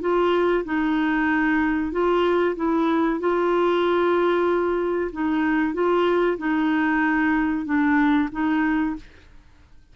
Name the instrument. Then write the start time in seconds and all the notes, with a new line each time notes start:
clarinet
0.00 F4
0.64 D#4
1.91 F4
2.55 E4
3.19 F4
5.12 D#4
5.73 F4
6.38 D#4
7.65 D4
8.32 D#4